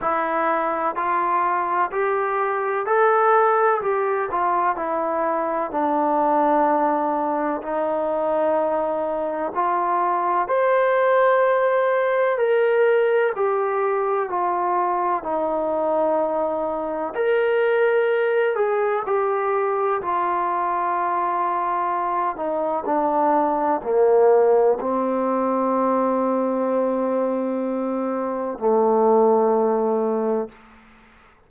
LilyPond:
\new Staff \with { instrumentName = "trombone" } { \time 4/4 \tempo 4 = 63 e'4 f'4 g'4 a'4 | g'8 f'8 e'4 d'2 | dis'2 f'4 c''4~ | c''4 ais'4 g'4 f'4 |
dis'2 ais'4. gis'8 | g'4 f'2~ f'8 dis'8 | d'4 ais4 c'2~ | c'2 a2 | }